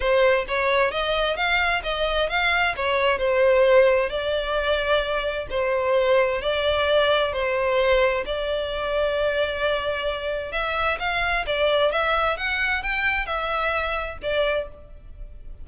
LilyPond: \new Staff \with { instrumentName = "violin" } { \time 4/4 \tempo 4 = 131 c''4 cis''4 dis''4 f''4 | dis''4 f''4 cis''4 c''4~ | c''4 d''2. | c''2 d''2 |
c''2 d''2~ | d''2. e''4 | f''4 d''4 e''4 fis''4 | g''4 e''2 d''4 | }